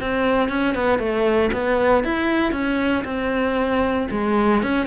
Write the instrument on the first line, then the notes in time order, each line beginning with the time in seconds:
cello
0.00 C4
0.48 C#4
0.74 B3
0.99 A3
1.52 B3
2.04 E4
2.52 C#4
3.04 C4
4.11 G#3
4.62 C#4